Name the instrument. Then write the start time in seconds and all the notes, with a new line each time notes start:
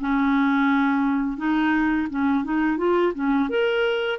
clarinet
0.00 C#4
1.37 D#4
2.10 C#4
2.44 D#4
2.78 F4
3.14 C#4
3.49 A#4